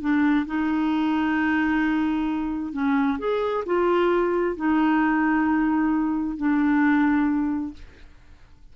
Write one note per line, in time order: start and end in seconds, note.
0.00 0.45 D4
0.46 2.72 D#4
2.72 3.18 C#4
3.18 3.64 G#4
3.65 4.56 F4
4.56 6.37 D#4
6.37 7.73 D4